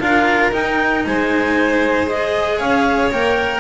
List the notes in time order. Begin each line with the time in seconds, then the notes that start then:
0.00 D4 F4 A#4 F5
0.52 D#4 G5
1.05 G#3 C5 G#5
2.07 G#4 D#5
2.56 C#4 C#5 F5
3.11 A#3 A#4 G5